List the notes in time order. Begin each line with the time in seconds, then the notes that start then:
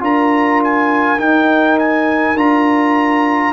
0.00 D4 F4 A#4 A#5
0.64 G#5
1.18 D#4 G5
1.79 G#5
2.35 D4 F4 A#5